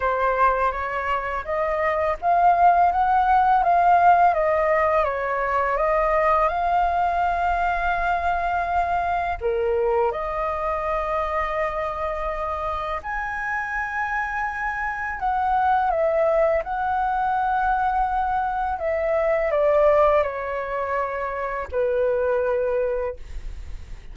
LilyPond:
\new Staff \with { instrumentName = "flute" } { \time 4/4 \tempo 4 = 83 c''4 cis''4 dis''4 f''4 | fis''4 f''4 dis''4 cis''4 | dis''4 f''2.~ | f''4 ais'4 dis''2~ |
dis''2 gis''2~ | gis''4 fis''4 e''4 fis''4~ | fis''2 e''4 d''4 | cis''2 b'2 | }